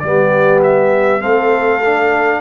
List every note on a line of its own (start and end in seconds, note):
0.00 1.22 G3
0.00 1.21 B3
0.00 1.22 G4
0.00 0.60 D5
0.64 1.22 E5
1.21 2.41 A3
1.21 1.81 C4
1.21 2.41 A4
1.21 2.41 F5
1.85 2.41 D4